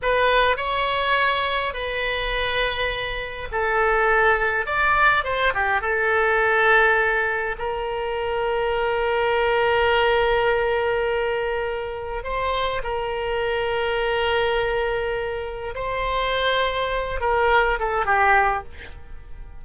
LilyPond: \new Staff \with { instrumentName = "oboe" } { \time 4/4 \tempo 4 = 103 b'4 cis''2 b'4~ | b'2 a'2 | d''4 c''8 g'8 a'2~ | a'4 ais'2.~ |
ais'1~ | ais'4 c''4 ais'2~ | ais'2. c''4~ | c''4. ais'4 a'8 g'4 | }